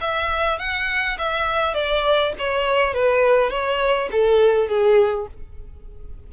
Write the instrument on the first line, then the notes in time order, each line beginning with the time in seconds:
violin
0.00 E5
0.58 F#5
1.18 E5
1.74 D5
2.38 C#5
2.93 B4
3.50 C#5
4.11 A4
4.68 G#4